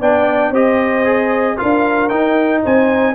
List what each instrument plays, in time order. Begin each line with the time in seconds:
0.00 tuba B3, trombone D4, horn D5, trumpet G5
0.51 tuba C4, trombone G4, horn C5, trumpet D#5
1.05 trombone G#4
1.57 tuba D4, trombone F4, horn A#4, trumpet F5
2.09 trombone D#4, tuba D#4, trumpet G5
2.64 tuba C4, horn C5, trumpet G#5